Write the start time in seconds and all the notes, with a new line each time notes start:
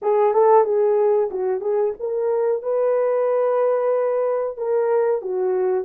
0.01 G#4
0.33 A4
0.64 G#4
1.30 F#4
1.60 G#4
1.99 A#4
2.62 B4
4.57 A#4
5.21 F#4